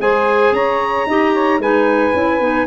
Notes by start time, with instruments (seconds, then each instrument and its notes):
0.00 tuba G#3, clarinet G#4, saxophone C5, trumpet G#5
0.52 tuba C#4, saxophone C#5, trumpet A#5
1.06 tuba D#4, clarinet G4, saxophone D#5
1.33 saxophone C#5
1.59 tuba G#3, clarinet D#4, saxophone B4, trumpet G#5
2.14 tuba C#4, clarinet E4
2.41 tuba B3, clarinet D#4